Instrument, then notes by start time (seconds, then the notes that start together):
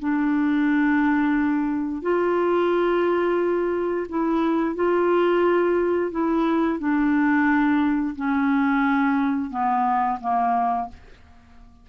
clarinet
0.00 D4
2.03 F4
4.09 E4
4.75 F4
6.12 E4
6.80 D4
8.16 C#4
9.51 B3
10.21 A#3